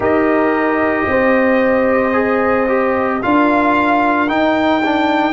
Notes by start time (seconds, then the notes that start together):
0.00 D#4 G4 A#4 D#5
1.07 C4 C5
2.13 G#4
2.67 G4
3.21 D4 F4 A#4 F5
4.27 D#4 G5
4.84 D4